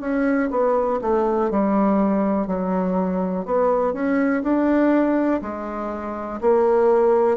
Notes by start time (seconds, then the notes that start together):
0.00 C#4
0.51 B3
1.01 A3
1.50 G3
2.47 F#3
3.45 B3
3.93 C#4
4.43 D4
5.42 G#3
6.41 A#3